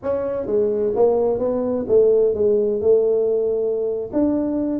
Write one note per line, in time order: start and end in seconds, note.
0.02 0.46 C#4
0.46 0.93 G#3
0.95 1.38 A#3
1.38 1.85 B3
1.87 2.34 A3
2.34 2.81 G#3
2.81 4.10 A3
4.12 4.79 D4